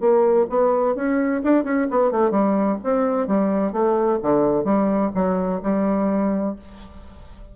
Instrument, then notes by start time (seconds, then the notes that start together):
bassoon
0.00 A#3
0.50 B3
0.95 C#4
1.44 D4
1.64 C#4
1.90 B3
2.11 A3
2.31 G3
2.84 C4
3.27 G3
3.73 A3
4.22 D3
4.64 G3
5.15 F#3
5.63 G3